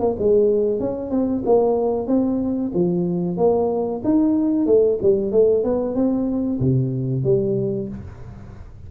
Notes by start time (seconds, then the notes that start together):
0.00 A#3
0.19 G#3
0.80 C#4
1.11 C4
1.45 A#3
2.07 C4
2.74 F3
3.37 A#3
4.04 D#4
4.67 A3
5.02 G3
5.32 A3
5.64 B3
5.95 C4
6.60 C3
7.24 G3